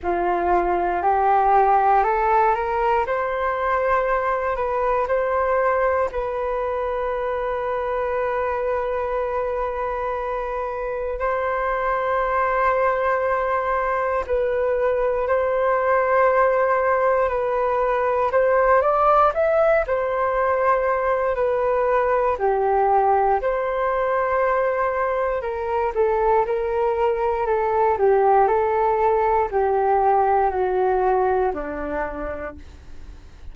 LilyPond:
\new Staff \with { instrumentName = "flute" } { \time 4/4 \tempo 4 = 59 f'4 g'4 a'8 ais'8 c''4~ | c''8 b'8 c''4 b'2~ | b'2. c''4~ | c''2 b'4 c''4~ |
c''4 b'4 c''8 d''8 e''8 c''8~ | c''4 b'4 g'4 c''4~ | c''4 ais'8 a'8 ais'4 a'8 g'8 | a'4 g'4 fis'4 d'4 | }